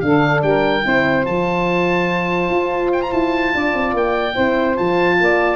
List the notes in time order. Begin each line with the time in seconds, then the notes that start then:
0.00 D3 D4 A4 F5
0.43 G3 A#4 G5
0.83 C4 E4 C5
1.23 F3 F4 A5
2.50 F4
2.93 G5
3.02 A#5
3.12 E4 A5
3.54 D4 D5
3.74 C4
3.94 A#3 G5
4.34 C4 E4 C5
4.76 F3 F4 A5
5.20 A#3 D5